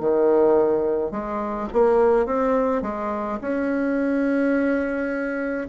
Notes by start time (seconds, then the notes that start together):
0.00 D#3
1.11 G#3
1.73 A#3
2.26 C4
2.82 G#3
3.41 C#4